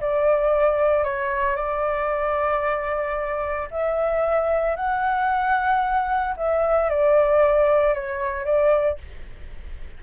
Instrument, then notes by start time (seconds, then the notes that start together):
flute
0.00 D5
1.04 C#5
1.56 D5
3.70 E5
4.76 F#5
6.36 E5
6.89 D5
7.94 C#5
8.44 D5